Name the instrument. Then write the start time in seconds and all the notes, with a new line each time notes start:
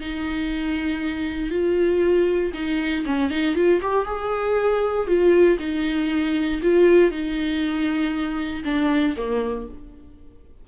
viola
0.00 D#4
1.50 F4
2.53 D#4
3.05 C#4
3.30 D#4
3.55 F4
3.81 G4
4.05 G#4
5.07 F4
5.59 D#4
6.62 F4
7.10 D#4
8.64 D4
9.17 A#3